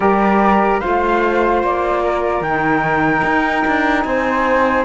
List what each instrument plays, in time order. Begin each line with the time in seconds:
0.00 cello G3, saxophone G4, flute A#4 D5
0.80 saxophone F4, flute C5 F5
0.86 cello A3
1.63 cello A#3, flute D5
2.02 flute A#4
2.40 cello D#3, saxophone D#4, flute G5
3.24 cello D#4
3.67 cello D4
4.02 cello C4, flute C5 G#5